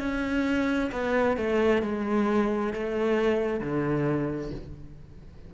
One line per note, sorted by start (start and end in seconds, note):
0.00 0.91 C#4
0.92 1.38 B3
1.38 1.83 A3
1.83 2.74 G#3
2.74 3.61 A3
3.61 4.52 D3